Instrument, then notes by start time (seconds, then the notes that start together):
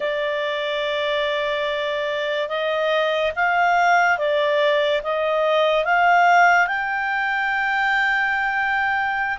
clarinet
0.00 D5
2.48 D#5
3.35 F5
4.18 D5
5.03 D#5
5.84 F5
6.67 G5